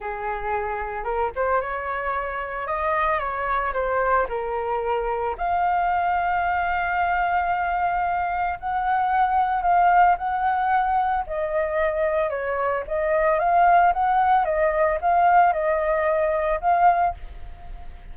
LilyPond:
\new Staff \with { instrumentName = "flute" } { \time 4/4 \tempo 4 = 112 gis'2 ais'8 c''8 cis''4~ | cis''4 dis''4 cis''4 c''4 | ais'2 f''2~ | f''1 |
fis''2 f''4 fis''4~ | fis''4 dis''2 cis''4 | dis''4 f''4 fis''4 dis''4 | f''4 dis''2 f''4 | }